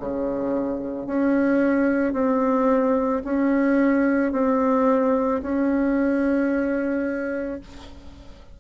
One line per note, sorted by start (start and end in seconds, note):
0.00 1.07 C#3
1.07 2.13 C#4
2.13 3.22 C4
3.25 4.32 C#4
4.32 5.41 C4
5.42 7.61 C#4